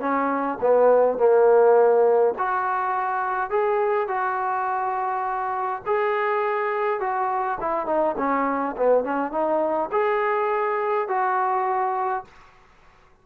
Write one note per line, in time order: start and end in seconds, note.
0.00 0.58 C#4
0.61 1.18 B3
1.18 2.34 A#3
2.38 3.50 F#4
3.50 4.08 G#4
4.08 5.82 F#4
5.86 7.00 G#4
7.00 7.58 F#4
7.60 7.86 E4
7.86 8.15 D#4
8.18 8.76 C#4
8.77 9.04 B3
9.04 9.32 C#4
9.32 9.90 D#4
9.92 11.08 G#4
11.08 12.25 F#4